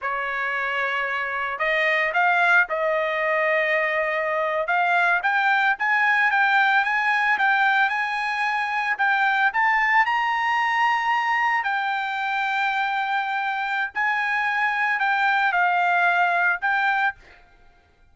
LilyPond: \new Staff \with { instrumentName = "trumpet" } { \time 4/4 \tempo 4 = 112 cis''2. dis''4 | f''4 dis''2.~ | dis''8. f''4 g''4 gis''4 g''16~ | g''8. gis''4 g''4 gis''4~ gis''16~ |
gis''8. g''4 a''4 ais''4~ ais''16~ | ais''4.~ ais''16 g''2~ g''16~ | g''2 gis''2 | g''4 f''2 g''4 | }